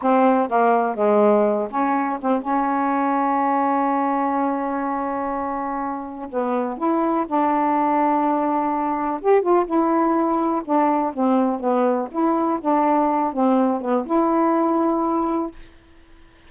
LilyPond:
\new Staff \with { instrumentName = "saxophone" } { \time 4/4 \tempo 4 = 124 c'4 ais4 gis4. cis'8~ | cis'8 c'8 cis'2.~ | cis'1~ | cis'4 b4 e'4 d'4~ |
d'2. g'8 f'8 | e'2 d'4 c'4 | b4 e'4 d'4. c'8~ | c'8 b8 e'2. | }